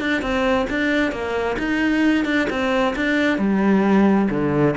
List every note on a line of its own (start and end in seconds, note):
0.00 0.21 D4
0.21 0.67 C4
0.70 1.12 D4
1.12 1.57 A#3
1.59 2.25 D#4
2.25 2.48 D4
2.49 2.94 C4
2.95 3.38 D4
3.38 4.28 G3
4.30 4.75 D3